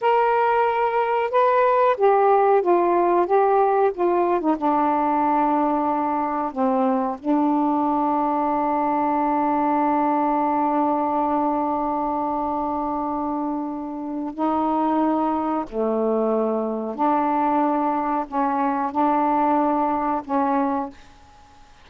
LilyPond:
\new Staff \with { instrumentName = "saxophone" } { \time 4/4 \tempo 4 = 92 ais'2 b'4 g'4 | f'4 g'4 f'8. dis'16 d'4~ | d'2 c'4 d'4~ | d'1~ |
d'1~ | d'2 dis'2 | a2 d'2 | cis'4 d'2 cis'4 | }